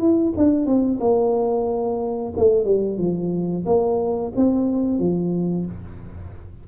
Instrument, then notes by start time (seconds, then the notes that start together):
tuba
0.00 E4
0.37 D4
0.66 C4
1.00 A#3
2.37 A3
2.65 G3
2.98 F3
3.66 A#3
4.36 C4
5.00 F3